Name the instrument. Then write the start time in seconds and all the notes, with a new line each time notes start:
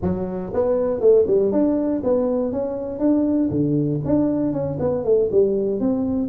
tuba
0.02 F#3
0.53 B3
1.00 A3
1.27 G3
1.51 D4
2.03 B3
2.52 C#4
2.99 D4
3.50 D3
4.05 D4
4.52 C#4
4.79 B3
5.04 A3
5.31 G3
5.80 C4